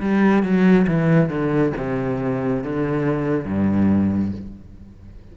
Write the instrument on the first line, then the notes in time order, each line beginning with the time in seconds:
cello
0.00 G3
0.43 F#3
0.87 E3
1.29 D3
1.77 C3
2.63 D3
3.45 G2